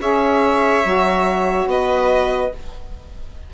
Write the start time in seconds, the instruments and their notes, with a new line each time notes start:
0.00 bassoon C#4, saxophone G#4, viola C#5, violin E5
0.84 bassoon F#3, saxophone F#4
1.66 bassoon B3, viola B4, violin D#5